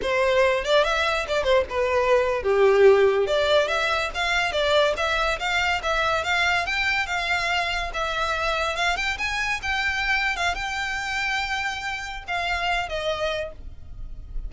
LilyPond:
\new Staff \with { instrumentName = "violin" } { \time 4/4 \tempo 4 = 142 c''4. d''8 e''4 d''8 c''8 | b'4.~ b'16 g'2 d''16~ | d''8. e''4 f''4 d''4 e''16~ | e''8. f''4 e''4 f''4 g''16~ |
g''8. f''2 e''4~ e''16~ | e''8. f''8 g''8 gis''4 g''4~ g''16~ | g''8 f''8 g''2.~ | g''4 f''4. dis''4. | }